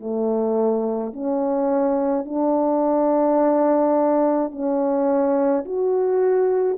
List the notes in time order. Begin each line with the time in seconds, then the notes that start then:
0.00 A3
1.13 C#4
2.25 D4
4.51 C#4
5.65 F#4